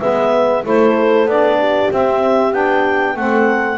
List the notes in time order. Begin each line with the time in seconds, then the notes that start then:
0.00 G#3 B3 B4 E5
0.64 A3 E4 A4 C5
1.25 B3 D4 D5
1.59 G4
1.91 C4 E5
2.52 B3 D4 G5
3.16 A3 C4 A4 F#5